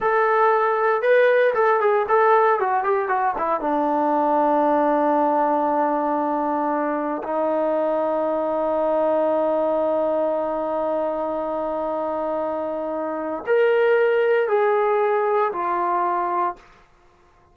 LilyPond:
\new Staff \with { instrumentName = "trombone" } { \time 4/4 \tempo 4 = 116 a'2 b'4 a'8 gis'8 | a'4 fis'8 g'8 fis'8 e'8 d'4~ | d'1~ | d'2 dis'2~ |
dis'1~ | dis'1~ | dis'2 ais'2 | gis'2 f'2 | }